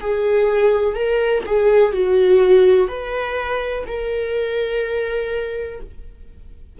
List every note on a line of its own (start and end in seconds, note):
0.00 0.95 G#4
0.95 1.43 A#4
1.46 1.92 G#4
1.92 2.88 F#4
2.88 3.84 B4
3.86 5.80 A#4